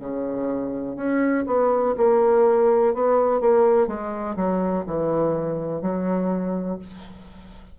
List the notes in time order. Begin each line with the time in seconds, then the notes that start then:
0.00 C#3
0.96 C#4
1.47 B3
1.98 A#3
2.95 B3
3.41 A#3
3.88 G#3
4.36 F#3
4.87 E3
5.82 F#3